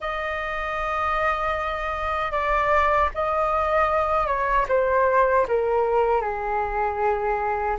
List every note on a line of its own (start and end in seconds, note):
0.00 2.31 D#5
2.31 3.09 D5
3.14 4.26 D#5
4.26 4.65 C#5
4.68 5.46 C5
5.48 6.21 A#4
6.21 7.77 G#4